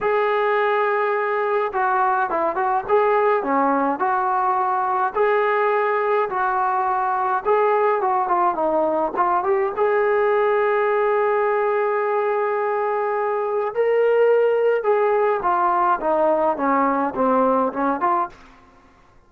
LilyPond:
\new Staff \with { instrumentName = "trombone" } { \time 4/4 \tempo 4 = 105 gis'2. fis'4 | e'8 fis'8 gis'4 cis'4 fis'4~ | fis'4 gis'2 fis'4~ | fis'4 gis'4 fis'8 f'8 dis'4 |
f'8 g'8 gis'2.~ | gis'1 | ais'2 gis'4 f'4 | dis'4 cis'4 c'4 cis'8 f'8 | }